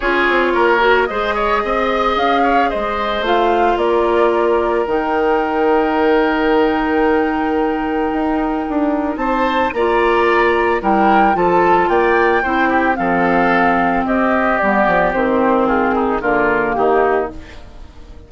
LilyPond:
<<
  \new Staff \with { instrumentName = "flute" } { \time 4/4 \tempo 4 = 111 cis''2 dis''2 | f''4 dis''4 f''4 d''4~ | d''4 g''2.~ | g''1~ |
g''4 a''4 ais''2 | g''4 a''4 g''2 | f''2 dis''4 d''4 | c''4 gis'4 ais'4 g'4 | }
  \new Staff \with { instrumentName = "oboe" } { \time 4/4 gis'4 ais'4 c''8 cis''8 dis''4~ | dis''8 cis''8 c''2 ais'4~ | ais'1~ | ais'1~ |
ais'4 c''4 d''2 | ais'4 a'4 d''4 c''8 g'8 | a'2 g'2~ | g'4 f'8 dis'8 f'4 dis'4 | }
  \new Staff \with { instrumentName = "clarinet" } { \time 4/4 f'4. fis'8 gis'2~ | gis'2 f'2~ | f'4 dis'2.~ | dis'1~ |
dis'2 f'2 | e'4 f'2 e'4 | c'2. b4 | c'2 ais2 | }
  \new Staff \with { instrumentName = "bassoon" } { \time 4/4 cis'8 c'8 ais4 gis4 c'4 | cis'4 gis4 a4 ais4~ | ais4 dis2.~ | dis2. dis'4 |
d'4 c'4 ais2 | g4 f4 ais4 c'4 | f2 c'4 g8 f8 | dis2 d4 dis4 | }
>>